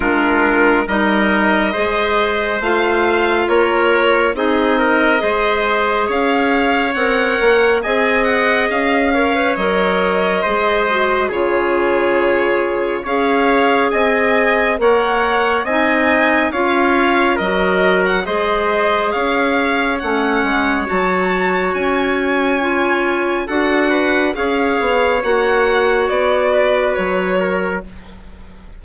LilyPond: <<
  \new Staff \with { instrumentName = "violin" } { \time 4/4 \tempo 4 = 69 ais'4 dis''2 f''4 | cis''4 dis''2 f''4 | fis''4 gis''8 fis''8 f''4 dis''4~ | dis''4 cis''2 f''4 |
gis''4 fis''4 gis''4 f''4 | dis''8. fis''16 dis''4 f''4 fis''4 | a''4 gis''2 fis''4 | f''4 fis''4 d''4 cis''4 | }
  \new Staff \with { instrumentName = "trumpet" } { \time 4/4 f'4 ais'4 c''2 | ais'4 gis'8 ais'8 c''4 cis''4~ | cis''4 dis''4. cis''4. | c''4 gis'2 cis''4 |
dis''4 cis''4 dis''4 cis''4 | ais'4 c''4 cis''2~ | cis''2. a'8 b'8 | cis''2~ cis''8 b'4 ais'8 | }
  \new Staff \with { instrumentName = "clarinet" } { \time 4/4 d'4 dis'4 gis'4 f'4~ | f'4 dis'4 gis'2 | ais'4 gis'4. ais'16 b'16 ais'4 | gis'8 fis'8 f'2 gis'4~ |
gis'4 ais'4 dis'4 f'4 | fis'4 gis'2 cis'4 | fis'2 f'4 fis'4 | gis'4 fis'2. | }
  \new Staff \with { instrumentName = "bassoon" } { \time 4/4 gis4 g4 gis4 a4 | ais4 c'4 gis4 cis'4 | c'8 ais8 c'4 cis'4 fis4 | gis4 cis2 cis'4 |
c'4 ais4 c'4 cis'4 | fis4 gis4 cis'4 a8 gis8 | fis4 cis'2 d'4 | cis'8 b8 ais4 b4 fis4 | }
>>